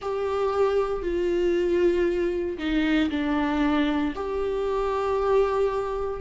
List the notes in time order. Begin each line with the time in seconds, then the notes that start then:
0.01 G4
1.02 F4
2.58 D#4
3.10 D4
4.15 G4